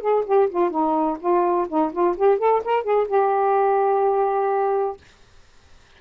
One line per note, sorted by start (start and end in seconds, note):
0.00 0.24 G#4
0.25 0.49 G4
0.49 0.70 F4
0.70 1.17 D#4
1.20 1.67 F4
1.68 1.92 D#4
1.92 2.16 F4
2.16 2.38 G4
2.38 2.62 A4
2.64 2.83 A#4
2.83 3.06 G#4
3.07 4.96 G4